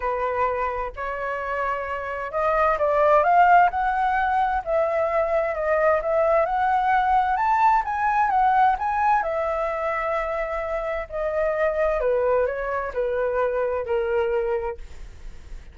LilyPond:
\new Staff \with { instrumentName = "flute" } { \time 4/4 \tempo 4 = 130 b'2 cis''2~ | cis''4 dis''4 d''4 f''4 | fis''2 e''2 | dis''4 e''4 fis''2 |
a''4 gis''4 fis''4 gis''4 | e''1 | dis''2 b'4 cis''4 | b'2 ais'2 | }